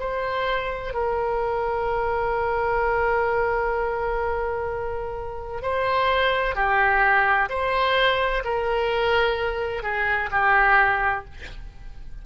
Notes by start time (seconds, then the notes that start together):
0.00 C5
0.94 A#4
5.62 C5
6.55 G4
7.50 C5
8.45 A#4
9.83 G#4
10.31 G4